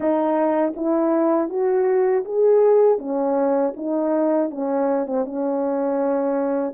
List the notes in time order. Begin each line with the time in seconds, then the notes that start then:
0.00 D#4
0.76 E4
1.49 F#4
2.24 G#4
2.98 C#4
3.76 D#4
4.50 C#4
5.06 C4
5.25 C#4